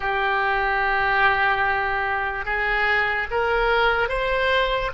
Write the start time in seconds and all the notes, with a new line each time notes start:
0.00 G4
2.45 G#4
3.31 A#4
4.08 C5